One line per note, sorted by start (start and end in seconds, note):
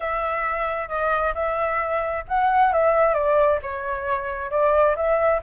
0.00 0.88 E5
0.88 1.33 D#5
1.34 2.24 E5
2.28 2.72 F#5
2.72 3.14 E5
3.14 3.59 D5
3.62 4.50 C#5
4.50 4.95 D5
4.95 5.41 E5